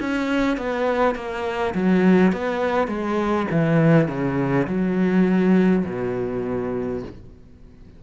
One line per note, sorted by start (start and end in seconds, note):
0.00 0.57 C#4
0.57 1.16 B3
1.16 1.74 A#3
1.74 2.33 F#3
2.33 2.88 B3
2.88 3.47 G#3
3.51 4.08 E3
4.08 4.67 C#3
4.67 5.85 F#3
5.86 7.03 B2